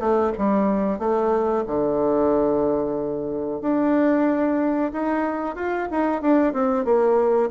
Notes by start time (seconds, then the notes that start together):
0.00 A3
0.38 G3
0.99 A3
1.67 D3
3.61 D4
4.93 D#4
5.56 F4
5.91 D#4
6.22 D4
6.54 C4
6.85 A#3